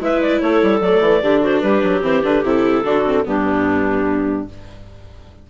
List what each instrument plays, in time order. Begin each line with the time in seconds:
0.00 bassoon G#3, viola E4, clarinet B4 E5
0.22 clarinet D5
0.40 bassoon A3, clarinet A4 C#5
0.63 bassoon G3
0.81 bassoon F#3, viola A3, clarinet D5
1.01 bassoon E3
1.23 bassoon D3, viola D4, clarinet G4
1.41 clarinet F#4 C5
1.60 bassoon G3, clarinet G4 B4
1.83 bassoon F#3
2.02 bassoon E3, viola C4, clarinet C5
2.23 bassoon D3, viola D4, clarinet B4
2.44 bassoon C3, viola E4, clarinet A4
2.83 bassoon D3, viola D4, clarinet F#4
3.06 viola C4
3.25 bassoon G2, viola B3, clarinet D4 G4